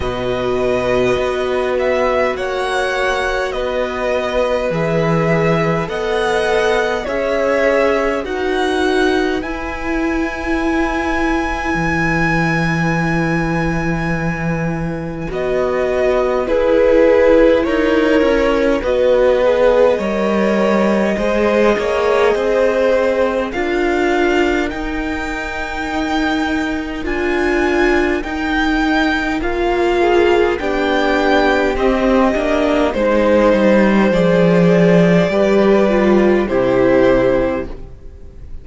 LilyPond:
<<
  \new Staff \with { instrumentName = "violin" } { \time 4/4 \tempo 4 = 51 dis''4. e''8 fis''4 dis''4 | e''4 fis''4 e''4 fis''4 | gis''1~ | gis''4 dis''4 b'4 cis''4 |
dis''1 | f''4 g''2 gis''4 | g''4 f''4 g''4 dis''4 | c''4 d''2 c''4 | }
  \new Staff \with { instrumentName = "violin" } { \time 4/4 b'2 cis''4 b'4~ | b'4 dis''4 cis''4 b'4~ | b'1~ | b'2 gis'4 ais'4 |
b'4 cis''4 c''8 cis''8 c''4 | ais'1~ | ais'4. gis'8 g'2 | c''2 b'4 g'4 | }
  \new Staff \with { instrumentName = "viola" } { \time 4/4 fis'1 | gis'4 a'4 gis'4 fis'4 | e'1~ | e'4 fis'4 e'2 |
fis'8 gis'8 ais'4 gis'2 | f'4 dis'2 f'4 | dis'4 f'4 d'4 c'8 d'8 | dis'4 gis'4 g'8 f'8 e'4 | }
  \new Staff \with { instrumentName = "cello" } { \time 4/4 b,4 b4 ais4 b4 | e4 b4 cis'4 dis'4 | e'2 e2~ | e4 b4 e'4 dis'8 cis'8 |
b4 g4 gis8 ais8 c'4 | d'4 dis'2 d'4 | dis'4 ais4 b4 c'8 ais8 | gis8 g8 f4 g4 c4 | }
>>